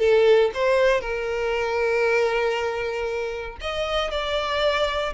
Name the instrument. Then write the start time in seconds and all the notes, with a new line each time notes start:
violin
0.00 A4
0.54 C5
1.01 A#4
3.61 D#5
4.11 D5